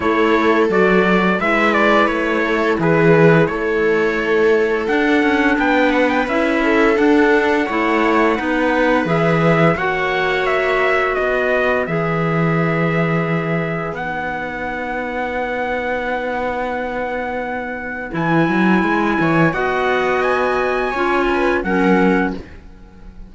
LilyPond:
<<
  \new Staff \with { instrumentName = "trumpet" } { \time 4/4 \tempo 4 = 86 cis''4 d''4 e''8 d''8 cis''4 | b'4 cis''2 fis''4 | g''8 fis''16 g''16 e''4 fis''2~ | fis''4 e''4 fis''4 e''4 |
dis''4 e''2. | fis''1~ | fis''2 gis''2 | fis''4 gis''2 fis''4 | }
  \new Staff \with { instrumentName = "viola" } { \time 4/4 a'2 b'4. a'8 | gis'4 a'2. | b'4. a'4. cis''4 | b'2 cis''2 |
b'1~ | b'1~ | b'2.~ b'8 cis''8 | dis''2 cis''8 b'8 ais'4 | }
  \new Staff \with { instrumentName = "clarinet" } { \time 4/4 e'4 fis'4 e'2~ | e'2. d'4~ | d'4 e'4 d'4 e'4 | dis'4 gis'4 fis'2~ |
fis'4 gis'2. | dis'1~ | dis'2 e'2 | fis'2 f'4 cis'4 | }
  \new Staff \with { instrumentName = "cello" } { \time 4/4 a4 fis4 gis4 a4 | e4 a2 d'8 cis'8 | b4 cis'4 d'4 a4 | b4 e4 ais2 |
b4 e2. | b1~ | b2 e8 fis8 gis8 e8 | b2 cis'4 fis4 | }
>>